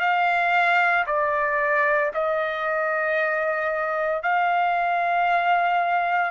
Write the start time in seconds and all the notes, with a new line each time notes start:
0.00 F5
1.07 D5
2.14 D#5
4.23 F5